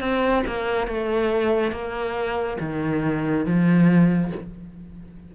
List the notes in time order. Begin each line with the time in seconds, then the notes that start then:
0.00 C4
0.47 A#3
0.87 A3
1.71 A#3
2.60 D#3
3.46 F3